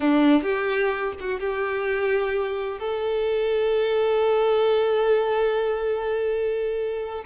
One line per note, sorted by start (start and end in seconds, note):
0.00 0.42 D4
0.42 1.13 G4
1.20 1.39 F#4
1.39 2.79 G4
2.79 7.24 A4